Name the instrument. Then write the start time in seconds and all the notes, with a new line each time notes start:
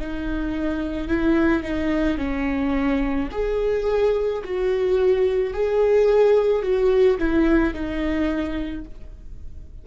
viola
0.00 D#4
1.09 E4
1.63 D#4
2.18 C#4
3.32 G#4
4.44 F#4
5.54 G#4
6.63 F#4
7.19 E4
7.74 D#4